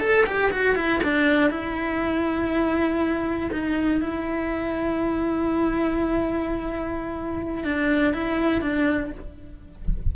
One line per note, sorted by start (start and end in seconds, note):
0.00 0.25 A4
0.26 0.51 G4
0.51 0.76 F#4
0.76 1.01 E4
1.04 1.50 D4
1.50 3.50 E4
3.52 4.01 D#4
4.01 7.64 E4
7.64 8.14 D4
8.14 8.62 E4
8.62 9.12 D4